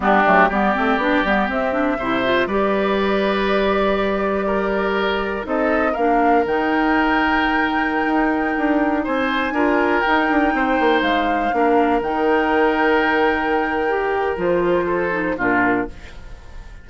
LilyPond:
<<
  \new Staff \with { instrumentName = "flute" } { \time 4/4 \tempo 4 = 121 g'4 d''2 e''4~ | e''4 d''2.~ | d''2. dis''4 | f''4 g''2.~ |
g''2~ g''16 gis''4.~ gis''16~ | gis''16 g''2 f''4.~ f''16~ | f''16 g''2.~ g''8.~ | g''4 c''2 ais'4 | }
  \new Staff \with { instrumentName = "oboe" } { \time 4/4 d'4 g'2. | c''4 b'2.~ | b'4 ais'2 a'4 | ais'1~ |
ais'2~ ais'16 c''4 ais'8.~ | ais'4~ ais'16 c''2 ais'8.~ | ais'1~ | ais'2 a'4 f'4 | }
  \new Staff \with { instrumentName = "clarinet" } { \time 4/4 b8 a8 b8 c'8 d'8 b8 c'8 d'8 | e'8 f'8 g'2.~ | g'2. dis'4 | d'4 dis'2.~ |
dis'2.~ dis'16 f'8.~ | f'16 dis'2. d'8.~ | d'16 dis'2.~ dis'8. | g'4 f'4. dis'8 d'4 | }
  \new Staff \with { instrumentName = "bassoon" } { \time 4/4 g8 fis8 g8 a8 b8 g8 c'4 | c4 g2.~ | g2. c'4 | ais4 dis2.~ |
dis16 dis'4 d'4 c'4 d'8.~ | d'16 dis'8 d'8 c'8 ais8 gis4 ais8.~ | ais16 dis2.~ dis8.~ | dis4 f2 ais,4 | }
>>